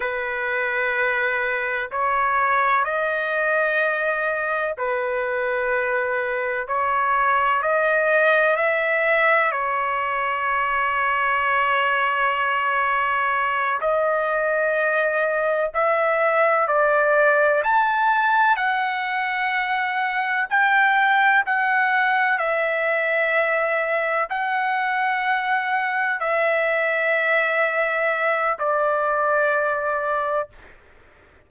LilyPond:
\new Staff \with { instrumentName = "trumpet" } { \time 4/4 \tempo 4 = 63 b'2 cis''4 dis''4~ | dis''4 b'2 cis''4 | dis''4 e''4 cis''2~ | cis''2~ cis''8 dis''4.~ |
dis''8 e''4 d''4 a''4 fis''8~ | fis''4. g''4 fis''4 e''8~ | e''4. fis''2 e''8~ | e''2 d''2 | }